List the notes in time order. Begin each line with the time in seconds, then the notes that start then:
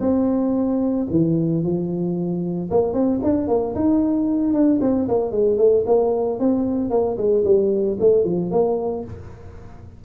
0.00 C4
1.10 E3
1.63 F3
2.70 A#3
2.93 C4
3.22 D4
3.48 A#3
3.75 D#4
4.53 D4
4.81 C4
5.08 A#3
5.31 G#3
5.57 A3
5.86 A#3
6.39 C4
6.90 A#3
7.17 G#3
7.44 G3
7.99 A3
8.24 F3
8.51 A#3